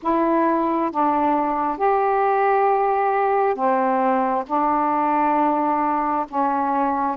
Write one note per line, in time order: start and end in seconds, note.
0.02 0.91 E4
0.91 1.77 D4
1.77 3.54 G4
3.54 4.44 C4
4.47 6.26 D4
6.28 7.16 C#4